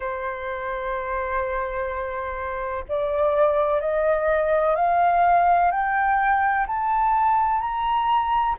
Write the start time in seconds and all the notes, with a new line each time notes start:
0.00 C5
2.88 D5
3.81 D#5
4.75 F5
5.71 G5
6.67 A5
7.60 A#5